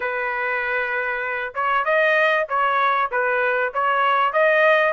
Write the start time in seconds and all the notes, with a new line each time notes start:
0.00 B4
1.54 C#5
1.84 D#5
2.49 C#5
3.11 B4
3.73 C#5
4.32 D#5